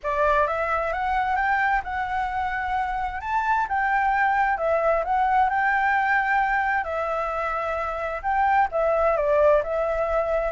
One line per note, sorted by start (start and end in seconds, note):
0.03 0.47 D5
0.47 0.92 E5
0.92 1.36 F#5
1.36 1.82 G5
1.84 3.20 F#5
3.20 3.66 A5
3.68 4.57 G5
4.57 5.03 E5
5.04 5.49 F#5
5.49 6.84 G5
6.84 8.21 E5
8.22 8.68 G5
8.71 9.16 E5
9.16 9.62 D5
9.63 10.52 E5